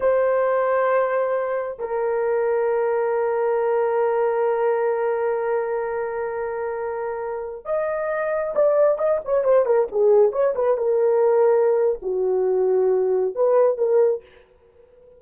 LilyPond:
\new Staff \with { instrumentName = "horn" } { \time 4/4 \tempo 4 = 135 c''1 | ais'1~ | ais'1~ | ais'1~ |
ais'4~ ais'16 dis''2 d''8.~ | d''16 dis''8 cis''8 c''8 ais'8 gis'4 cis''8 b'16~ | b'16 ais'2~ ais'8. fis'4~ | fis'2 b'4 ais'4 | }